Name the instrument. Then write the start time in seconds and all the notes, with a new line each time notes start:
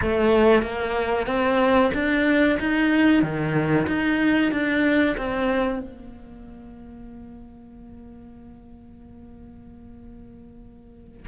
cello
0.01 A3
0.62 A#3
1.26 C4
1.94 D4
2.59 D#4
3.22 D#3
3.87 D#4
4.51 D4
5.17 C4
5.79 A#3